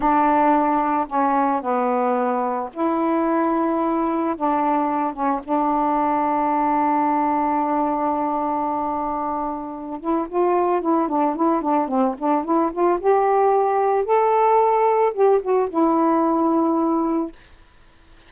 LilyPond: \new Staff \with { instrumentName = "saxophone" } { \time 4/4 \tempo 4 = 111 d'2 cis'4 b4~ | b4 e'2. | d'4. cis'8 d'2~ | d'1~ |
d'2~ d'8 e'8 f'4 | e'8 d'8 e'8 d'8 c'8 d'8 e'8 f'8 | g'2 a'2 | g'8 fis'8 e'2. | }